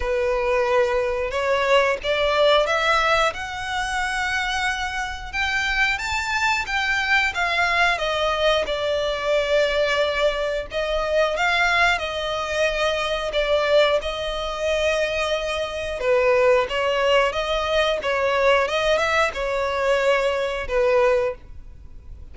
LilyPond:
\new Staff \with { instrumentName = "violin" } { \time 4/4 \tempo 4 = 90 b'2 cis''4 d''4 | e''4 fis''2. | g''4 a''4 g''4 f''4 | dis''4 d''2. |
dis''4 f''4 dis''2 | d''4 dis''2. | b'4 cis''4 dis''4 cis''4 | dis''8 e''8 cis''2 b'4 | }